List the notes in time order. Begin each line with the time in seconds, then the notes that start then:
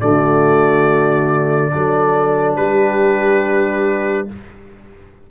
0.00 D3 A3 F#4 D5
1.71 F#3 D4 A4
2.56 G3 G4 B4